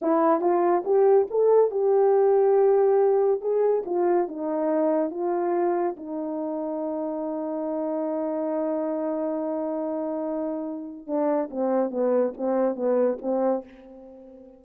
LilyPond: \new Staff \with { instrumentName = "horn" } { \time 4/4 \tempo 4 = 141 e'4 f'4 g'4 a'4 | g'1 | gis'4 f'4 dis'2 | f'2 dis'2~ |
dis'1~ | dis'1~ | dis'2 d'4 c'4 | b4 c'4 b4 c'4 | }